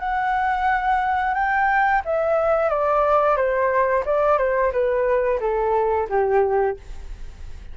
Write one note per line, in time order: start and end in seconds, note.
0.00 1.34 F#5
1.34 2.02 G5
2.05 2.69 E5
2.69 3.36 D5
3.36 4.04 C5
4.05 4.38 D5
4.38 4.72 C5
4.72 5.40 B4
5.40 6.08 A4
6.09 6.77 G4